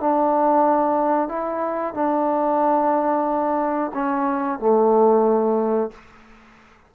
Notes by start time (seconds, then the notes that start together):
0.00 D4
1.29 E4
1.94 D4
3.94 C#4
4.59 A3